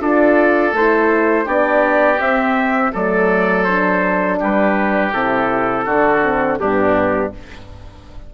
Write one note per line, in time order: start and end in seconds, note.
0.00 0.73 D4
0.00 0.74 F4
0.00 1.45 A4
0.00 0.75 D5
0.73 1.46 A3
0.73 1.45 E4
0.73 1.48 C5
1.45 2.19 B3
1.45 2.18 D4
1.45 2.91 G4
1.45 2.20 D5
2.19 2.93 C4
2.19 2.93 E5
2.93 4.41 F#3
2.93 3.67 A3
2.93 4.39 A4
2.93 3.64 D5
3.64 5.13 D4
3.64 4.37 C5
4.39 5.13 G3
4.39 5.85 G4
4.39 5.13 B4
5.13 5.86 C3
5.13 5.86 E4
5.13 6.59 A4
5.85 6.59 D3
5.85 6.23 D4
5.85 6.58 F#4
6.23 6.59 C4
6.59 7.34 G2
6.59 7.34 B3
6.59 7.33 D4
6.59 7.32 G4